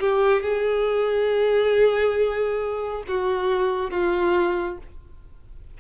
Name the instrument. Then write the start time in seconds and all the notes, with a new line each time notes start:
violin
0.00 G4
0.43 G#4
3.08 F#4
3.91 F4